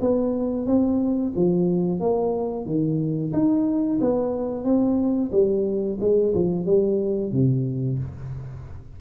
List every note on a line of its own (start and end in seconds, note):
0.00 0.66 B3
0.66 1.33 C4
1.35 2.00 F3
2.00 2.65 A#3
2.65 3.32 D#3
3.32 3.99 D#4
4.01 4.64 B3
4.64 5.31 C4
5.31 5.98 G3
6.00 6.33 G#3
6.34 6.65 F3
6.65 7.32 G3
7.32 7.98 C3